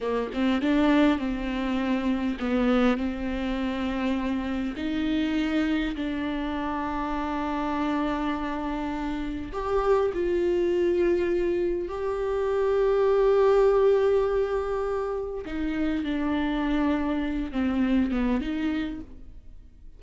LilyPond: \new Staff \with { instrumentName = "viola" } { \time 4/4 \tempo 4 = 101 ais8 c'8 d'4 c'2 | b4 c'2. | dis'2 d'2~ | d'1 |
g'4 f'2. | g'1~ | g'2 dis'4 d'4~ | d'4. c'4 b8 dis'4 | }